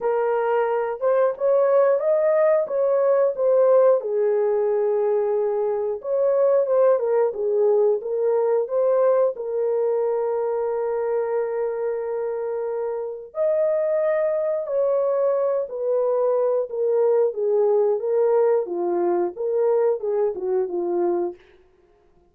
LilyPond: \new Staff \with { instrumentName = "horn" } { \time 4/4 \tempo 4 = 90 ais'4. c''8 cis''4 dis''4 | cis''4 c''4 gis'2~ | gis'4 cis''4 c''8 ais'8 gis'4 | ais'4 c''4 ais'2~ |
ais'1 | dis''2 cis''4. b'8~ | b'4 ais'4 gis'4 ais'4 | f'4 ais'4 gis'8 fis'8 f'4 | }